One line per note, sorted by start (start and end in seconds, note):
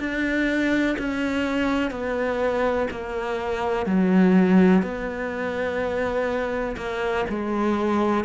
0.00 0.97 D4
0.99 1.91 C#4
1.91 2.88 B3
2.91 3.87 A#3
3.87 4.83 F#3
4.83 6.77 B3
6.77 7.26 A#3
7.30 8.25 G#3